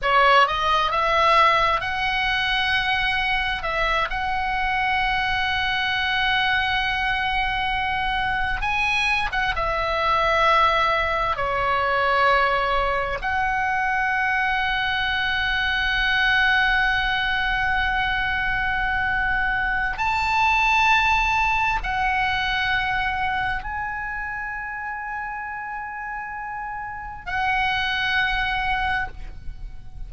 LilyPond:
\new Staff \with { instrumentName = "oboe" } { \time 4/4 \tempo 4 = 66 cis''8 dis''8 e''4 fis''2 | e''8 fis''2.~ fis''8~ | fis''4. gis''8. fis''16 e''4.~ | e''8 cis''2 fis''4.~ |
fis''1~ | fis''2 a''2 | fis''2 gis''2~ | gis''2 fis''2 | }